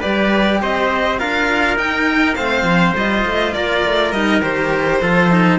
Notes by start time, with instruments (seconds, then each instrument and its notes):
0.00 cello G3 G4, trumpet B4, violin D5
0.62 cello C4, trumpet C5, violin D#5
1.19 cello D4 F4, trumpet A#4, violin F5
1.77 cello D#4, violin G5
2.35 cello A3 C4, trumpet C5, violin F5
2.63 cello F3
2.96 cello G3 F4, violin D#5
3.26 cello A3
3.54 cello A#3, trumpet A#4, violin D5
3.86 cello A3
4.12 cello G3 D#4, violin D#5
4.42 cello D#3 G4, violin C5
5.02 cello F3 F4, trumpet A4
5.31 cello D#4